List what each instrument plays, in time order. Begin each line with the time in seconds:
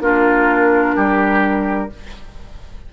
0.00 bassoon A#3, clarinet D4, oboe F4, flute A#4
0.95 bassoon G3, oboe G4